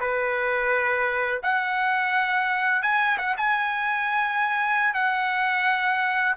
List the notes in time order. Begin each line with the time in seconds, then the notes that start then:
0.00 B4
1.43 F#5
2.82 G#5
3.18 F#5
3.37 G#5
4.94 F#5